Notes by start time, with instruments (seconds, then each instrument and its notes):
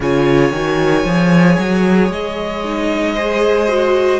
0.00 cello C#3, viola F4, violin C#5 G#5
0.51 cello D#3, viola F#4
1.04 cello F3, viola G#4
1.58 cello F#3
2.08 cello G#3, violin D#5
2.64 viola D#4
3.14 viola G#4, violin C5
3.68 viola F#4